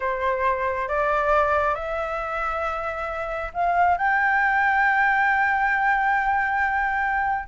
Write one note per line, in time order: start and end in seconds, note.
0.00 0.88 C5
0.88 1.74 D5
1.74 3.51 E5
3.53 3.97 F5
3.97 7.48 G5